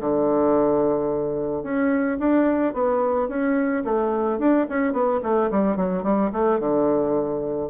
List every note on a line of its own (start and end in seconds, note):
0.00 1.63 D3
1.63 2.18 C#4
2.19 2.74 D4
2.74 3.28 B3
3.28 3.83 C#4
3.84 4.39 A3
4.39 4.66 D4
4.69 4.93 C#4
4.93 5.20 B3
5.23 5.50 A3
5.51 5.76 G3
5.76 6.03 F#3
6.03 6.31 G3
6.32 6.60 A3
6.60 7.69 D3